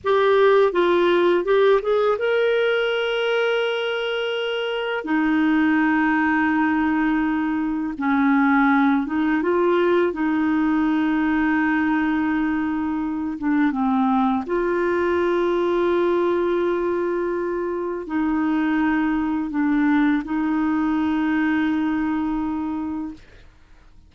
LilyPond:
\new Staff \with { instrumentName = "clarinet" } { \time 4/4 \tempo 4 = 83 g'4 f'4 g'8 gis'8 ais'4~ | ais'2. dis'4~ | dis'2. cis'4~ | cis'8 dis'8 f'4 dis'2~ |
dis'2~ dis'8 d'8 c'4 | f'1~ | f'4 dis'2 d'4 | dis'1 | }